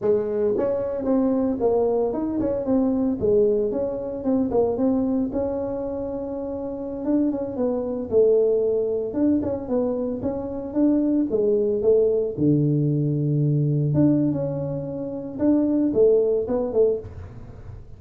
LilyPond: \new Staff \with { instrumentName = "tuba" } { \time 4/4 \tempo 4 = 113 gis4 cis'4 c'4 ais4 | dis'8 cis'8 c'4 gis4 cis'4 | c'8 ais8 c'4 cis'2~ | cis'4~ cis'16 d'8 cis'8 b4 a8.~ |
a4~ a16 d'8 cis'8 b4 cis'8.~ | cis'16 d'4 gis4 a4 d8.~ | d2~ d16 d'8. cis'4~ | cis'4 d'4 a4 b8 a8 | }